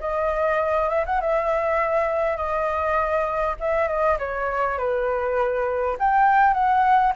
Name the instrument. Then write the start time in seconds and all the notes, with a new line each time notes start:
flute
0.00 D#5
0.89 E5
1.06 F#5
1.21 E5
2.37 D#5
3.60 E5
3.88 D#5
4.19 C#5
4.78 B4
5.99 G5
6.53 F#5